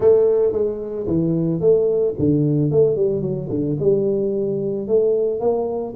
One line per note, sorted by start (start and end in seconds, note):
0.00 0.52 A3
0.52 1.06 G#3
1.06 1.60 E3
1.60 2.14 A3
2.18 2.71 D3
2.71 2.96 A3
2.96 3.21 G3
3.21 3.48 F#3
3.49 3.76 D3
3.79 4.87 G3
4.87 5.40 A3
5.40 5.94 A#3